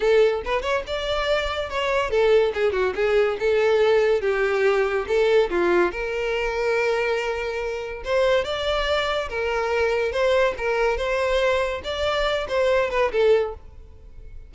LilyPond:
\new Staff \with { instrumentName = "violin" } { \time 4/4 \tempo 4 = 142 a'4 b'8 cis''8 d''2 | cis''4 a'4 gis'8 fis'8 gis'4 | a'2 g'2 | a'4 f'4 ais'2~ |
ais'2. c''4 | d''2 ais'2 | c''4 ais'4 c''2 | d''4. c''4 b'8 a'4 | }